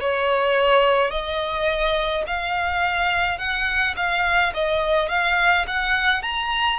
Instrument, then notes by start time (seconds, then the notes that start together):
violin
0.00 C#5
1.11 D#5
2.26 F5
3.38 F#5
3.96 F5
4.54 D#5
5.09 F5
5.67 F#5
6.22 A#5